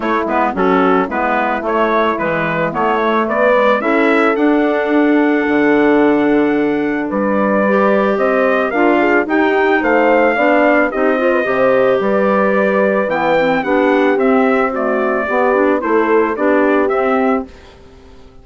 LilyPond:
<<
  \new Staff \with { instrumentName = "trumpet" } { \time 4/4 \tempo 4 = 110 cis''8 b'8 a'4 b'4 cis''4 | b'4 cis''4 d''4 e''4 | fis''1~ | fis''4 d''2 dis''4 |
f''4 g''4 f''2 | dis''2 d''2 | g''4 fis''4 e''4 d''4~ | d''4 c''4 d''4 e''4 | }
  \new Staff \with { instrumentName = "horn" } { \time 4/4 e'4 fis'4 e'2~ | e'2 b'4 a'4~ | a'1~ | a'4 b'2 c''4 |
ais'8 gis'8 g'4 c''4 d''4 | g'8 c''16 b'16 c''4 b'2~ | b'4 g'2 fis'4 | g'4 a'4 g'2 | }
  \new Staff \with { instrumentName = "clarinet" } { \time 4/4 a8 b8 cis'4 b4 a4 | e4 b8 a4 gis8 e'4 | d'1~ | d'2 g'2 |
f'4 dis'2 d'4 | dis'8 f'8 g'2. | b8 c'8 d'4 c'4 a4 | b8 d'8 e'4 d'4 c'4 | }
  \new Staff \with { instrumentName = "bassoon" } { \time 4/4 a8 gis8 fis4 gis4 a4 | gis4 a4 b4 cis'4 | d'2 d2~ | d4 g2 c'4 |
d'4 dis'4 a4 b4 | c'4 c4 g2 | e4 b4 c'2 | b4 a4 b4 c'4 | }
>>